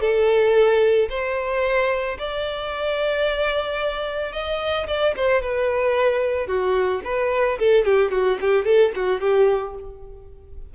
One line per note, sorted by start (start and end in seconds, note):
0.00 1.08 A4
1.09 2.17 C5
2.18 4.32 D5
4.32 4.86 D#5
4.87 5.14 D5
5.16 5.42 C5
5.42 6.47 B4
6.47 7.01 F#4
7.04 7.58 B4
7.58 7.84 A4
7.84 8.11 G4
8.11 8.38 F#4
8.40 8.64 G4
8.64 8.91 A4
8.95 9.20 F#4
9.20 9.74 G4